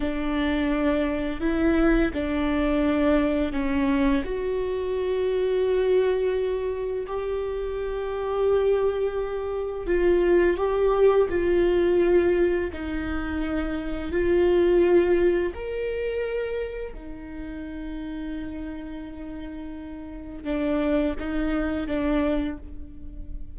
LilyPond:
\new Staff \with { instrumentName = "viola" } { \time 4/4 \tempo 4 = 85 d'2 e'4 d'4~ | d'4 cis'4 fis'2~ | fis'2 g'2~ | g'2 f'4 g'4 |
f'2 dis'2 | f'2 ais'2 | dis'1~ | dis'4 d'4 dis'4 d'4 | }